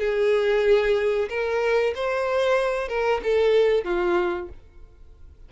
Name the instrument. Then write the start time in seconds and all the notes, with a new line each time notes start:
violin
0.00 G#4
1.29 A#4
1.96 C5
2.89 A#4
3.24 A4
3.85 F4